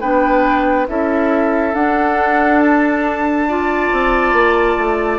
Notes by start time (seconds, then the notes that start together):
0.00 B3 D4 B4 G5
0.87 C#4 E4 A4 E5
1.74 D4 F#5
2.59 A5
3.48 F4 D5
3.92 C4
4.33 A#3
4.77 A3